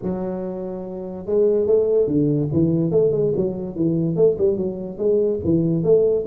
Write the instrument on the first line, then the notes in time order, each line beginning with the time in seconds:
tuba
0.02 F#3
1.26 G#3
1.66 A3
2.07 D3
2.52 E3
2.91 A3
3.11 G#3
3.36 F#3
3.75 E3
4.16 A3
4.38 G3
4.57 F#3
4.98 G#3
5.44 E3
5.83 A3